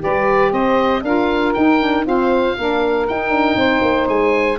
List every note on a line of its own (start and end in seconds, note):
0.00 1.02 G4
0.00 0.52 B4
0.00 0.53 D5
0.06 0.53 G3
0.52 1.03 C4
0.52 1.02 C5
0.52 1.04 D#5
1.03 1.54 D4
1.03 1.56 F4
1.03 2.06 A#4
1.03 1.54 F5
1.54 1.80 D#4
1.54 2.07 D#4
1.54 2.05 G5
1.80 2.04 D4
2.04 2.55 C4
2.04 2.58 F4
2.04 2.57 C5
2.04 3.08 F5
2.59 3.09 A#3
2.59 3.09 D4
2.59 3.58 A#4
3.08 4.59 D#4
3.08 3.30 D#4
3.08 4.09 G5
3.30 3.56 D4
3.56 3.82 C4
3.56 4.59 C5
3.82 4.08 A#3
4.09 4.59 G#3
4.09 4.59 G#5